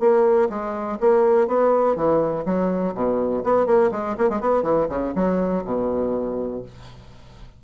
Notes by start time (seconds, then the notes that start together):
0.00 A#3
0.50 G#3
1.00 A#3
1.48 B3
1.96 E3
2.46 F#3
2.95 B2
3.44 B3
3.67 A#3
3.92 G#3
4.18 A#3
4.30 G#3
4.41 B3
4.63 E3
4.89 C#3
5.15 F#3
5.65 B2